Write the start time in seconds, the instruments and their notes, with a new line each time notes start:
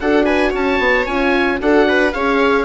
0.00 bassoon D4, horn F#4, viola A4, oboe F#5
0.25 viola B4, oboe G#5
0.50 bassoon C#4, viola C#5, oboe A5
0.79 bassoon B3
1.06 bassoon C#4, horn F4, oboe G#5
1.59 bassoon D4, horn F#4, viola A4, oboe F#5
1.89 viola B4
2.13 bassoon C#4, horn G#4, viola C#5, oboe F5